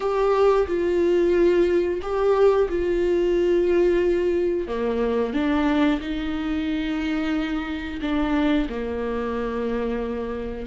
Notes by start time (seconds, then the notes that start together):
0.00 G4
0.67 F4
2.02 G4
2.69 F4
4.67 A#3
5.33 D4
6.00 D#4
8.01 D4
8.68 A#3